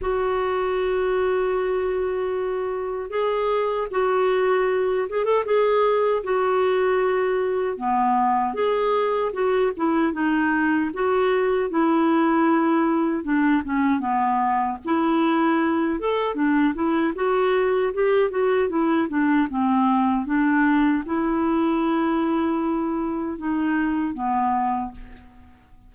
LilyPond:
\new Staff \with { instrumentName = "clarinet" } { \time 4/4 \tempo 4 = 77 fis'1 | gis'4 fis'4. gis'16 a'16 gis'4 | fis'2 b4 gis'4 | fis'8 e'8 dis'4 fis'4 e'4~ |
e'4 d'8 cis'8 b4 e'4~ | e'8 a'8 d'8 e'8 fis'4 g'8 fis'8 | e'8 d'8 c'4 d'4 e'4~ | e'2 dis'4 b4 | }